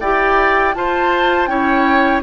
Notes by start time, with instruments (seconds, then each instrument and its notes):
0.00 bassoon E4, clarinet G4, oboe D5, flute G5
0.74 clarinet F4, bassoon F4, oboe C5, flute A5
1.47 bassoon C#4, clarinet E4, oboe C#5, flute G5